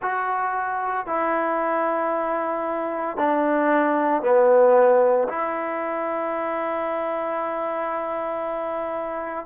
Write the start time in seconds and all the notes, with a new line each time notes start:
0.02 F#4
1.06 E4
3.17 D4
4.22 B3
5.28 E4